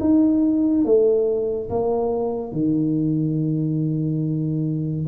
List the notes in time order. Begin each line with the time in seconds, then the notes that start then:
0.00 D#4
0.85 A3
1.69 A#3
2.52 D#3